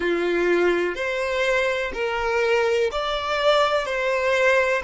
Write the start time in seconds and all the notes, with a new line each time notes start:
0.00 F4
0.95 C5
1.93 A#4
2.91 D5
3.85 C5